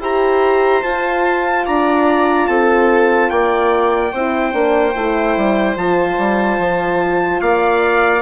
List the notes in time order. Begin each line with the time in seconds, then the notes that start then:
0.00 E4 G4 C5 A#5
0.83 F4 A5
1.66 D4 D5 A#5
2.48 C4 A4 A5
3.30 A#3 D5 G5
4.13 C4 E4 C5
4.52 A#3 D4
4.96 A3 E4
5.37 G3
5.76 F3 F4 A5
6.18 G3
6.59 F3
7.41 A#3 D5 F5